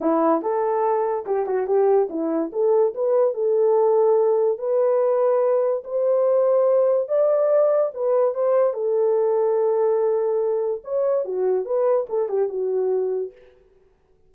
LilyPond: \new Staff \with { instrumentName = "horn" } { \time 4/4 \tempo 4 = 144 e'4 a'2 g'8 fis'8 | g'4 e'4 a'4 b'4 | a'2. b'4~ | b'2 c''2~ |
c''4 d''2 b'4 | c''4 a'2.~ | a'2 cis''4 fis'4 | b'4 a'8 g'8 fis'2 | }